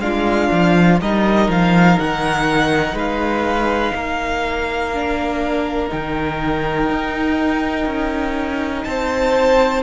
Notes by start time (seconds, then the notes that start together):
0.00 G#3 D4 F4 F5
0.52 F3
1.02 G3 D#4 A#4 D#5
1.49 F3 F5
1.99 D#3 F#5
2.94 G#3 B4 F5
3.95 A#3 A#4
4.94 D4
5.89 D#3 D#4 G5
6.90 D#4
7.86 C#4
8.84 C4 C5 A5